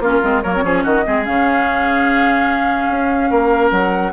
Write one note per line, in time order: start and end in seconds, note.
0.00 0.21 A#3
0.00 0.22 C#4
0.00 0.43 F4
0.00 0.43 A#4
0.22 0.45 G#3
0.22 0.43 C4
0.43 0.64 F#3
0.43 0.55 A#3
0.43 0.64 A#4
0.43 0.84 C#5
0.56 0.63 C4
0.63 0.85 F3
0.63 1.04 C#4
0.63 0.84 G#4
0.84 1.06 D#3
0.84 1.04 F#4
0.84 1.25 D#5
1.05 1.28 G#3
1.05 1.25 C4
1.05 3.30 G#4
1.26 2.89 C#3
1.26 4.13 C#4
1.26 3.72 F5
2.89 3.30 C#4
3.30 3.72 A#3
3.30 4.13 A#4
3.72 4.13 F#3
3.72 4.13 F#5